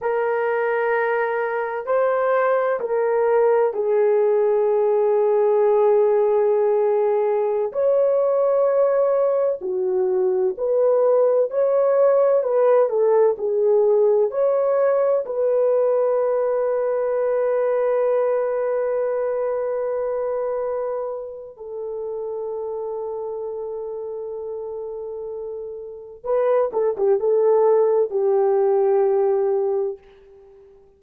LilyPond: \new Staff \with { instrumentName = "horn" } { \time 4/4 \tempo 4 = 64 ais'2 c''4 ais'4 | gis'1~ | gis'16 cis''2 fis'4 b'8.~ | b'16 cis''4 b'8 a'8 gis'4 cis''8.~ |
cis''16 b'2.~ b'8.~ | b'2. a'4~ | a'1 | b'8 a'16 g'16 a'4 g'2 | }